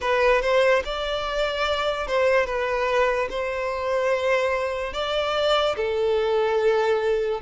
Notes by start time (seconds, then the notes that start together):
0.00 B4
0.41 C5
0.84 D5
2.07 C5
2.46 B4
3.30 C5
4.93 D5
5.76 A4